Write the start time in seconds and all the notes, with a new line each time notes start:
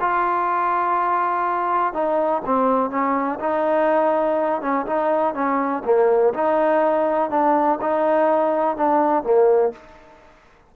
0.00 F4
1.94 D#4
2.45 C4
2.90 C#4
3.40 D#4
4.61 C#4
4.86 D#4
5.34 C#4
5.84 A#3
6.34 D#4
7.30 D4
7.81 D#4
8.76 D4
9.23 A#3